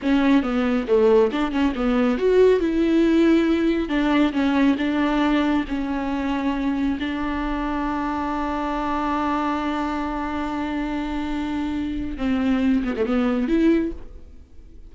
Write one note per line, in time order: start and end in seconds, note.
0.02 0.42 C#4
0.42 0.86 B3
0.87 1.30 A3
1.32 1.51 D4
1.51 1.73 C#4
1.75 2.17 B3
2.17 2.59 F#4
2.59 3.89 E4
3.89 4.32 D4
4.32 4.76 C#4
4.77 5.64 D4
5.68 6.98 C#4
6.99 12.17 D4
12.17 12.83 C4
12.84 12.95 B3
12.96 13.06 A3
13.06 13.48 B3
13.48 13.91 E4